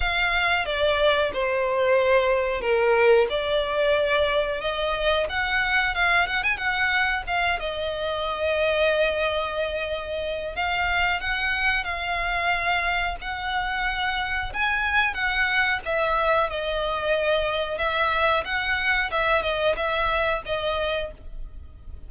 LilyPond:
\new Staff \with { instrumentName = "violin" } { \time 4/4 \tempo 4 = 91 f''4 d''4 c''2 | ais'4 d''2 dis''4 | fis''4 f''8 fis''16 gis''16 fis''4 f''8 dis''8~ | dis''1 |
f''4 fis''4 f''2 | fis''2 gis''4 fis''4 | e''4 dis''2 e''4 | fis''4 e''8 dis''8 e''4 dis''4 | }